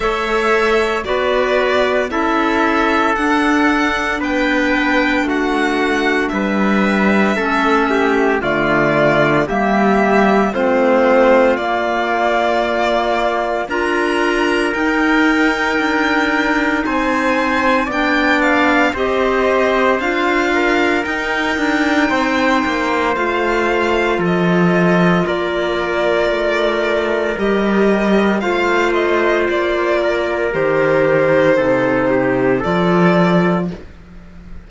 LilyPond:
<<
  \new Staff \with { instrumentName = "violin" } { \time 4/4 \tempo 4 = 57 e''4 d''4 e''4 fis''4 | g''4 fis''4 e''2 | d''4 e''4 c''4 d''4~ | d''4 ais''4 g''2 |
gis''4 g''8 f''8 dis''4 f''4 | g''2 f''4 dis''4 | d''2 dis''4 f''8 dis''8 | d''4 c''2 d''4 | }
  \new Staff \with { instrumentName = "trumpet" } { \time 4/4 cis''4 b'4 a'2 | b'4 fis'4 b'4 a'8 g'8 | f'4 g'4 f'2~ | f'4 ais'2. |
c''4 d''4 c''4. ais'8~ | ais'4 c''2 a'4 | ais'2. c''4~ | c''8 ais'4. a'8 g'8 a'4 | }
  \new Staff \with { instrumentName = "clarinet" } { \time 4/4 a'4 fis'4 e'4 d'4~ | d'2. cis'4 | a4 ais4 c'4 ais4~ | ais4 f'4 dis'2~ |
dis'4 d'4 g'4 f'4 | dis'2 f'2~ | f'2 g'4 f'4~ | f'4 g'4 dis'4 f'4 | }
  \new Staff \with { instrumentName = "cello" } { \time 4/4 a4 b4 cis'4 d'4 | b4 a4 g4 a4 | d4 g4 a4 ais4~ | ais4 d'4 dis'4 d'4 |
c'4 b4 c'4 d'4 | dis'8 d'8 c'8 ais8 a4 f4 | ais4 a4 g4 a4 | ais4 dis4 c4 f4 | }
>>